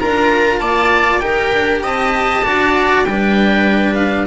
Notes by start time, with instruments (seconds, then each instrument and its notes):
0.00 double bass D4, cello F4, viola A#4, oboe A#5
0.60 double bass A#3, viola D5, oboe A5
1.20 double bass D#4, cello G4, viola A#4, oboe G5
1.53 double bass D4
1.82 double bass C4, viola D#5, oboe A5
2.44 double bass D4, cello F#4, viola D5
3.04 double bass G3, cello D4, viola B4, oboe G5
3.95 oboe F5